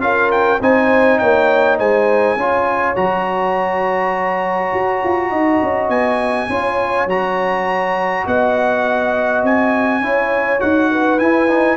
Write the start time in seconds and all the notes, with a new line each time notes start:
0.00 C#4 F4 A#4 F5
0.31 G5
0.60 C4 D#4 C5 G#5
1.18 A#3 C#5 G5
1.78 G#3 C5 G#5
2.36 C#4 F4 C#5
2.95 F#3 F#4 A#5
4.73 F#4
5.04 F4
5.29 D#4 D#5
5.62 C#4
5.88 B3 G#5
6.48 C#4 F4 C#5
7.06 F#3 F#4 A#5
8.25 B3 D#5 F#5
9.43 C4 G#5
10.00 C#4 E4 C#5
10.59 D#4 F#4 F#5
10.91 B4
11.18 E4 G#5
11.48 D#4